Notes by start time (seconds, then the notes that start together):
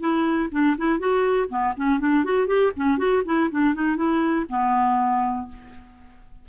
0.00 E4
0.51 D4
0.78 E4
0.99 F#4
1.49 B3
1.77 C#4
2.00 D4
2.24 F#4
2.47 G4
2.76 C#4
2.98 F#4
3.25 E4
3.51 D4
3.75 D#4
3.97 E4
4.49 B3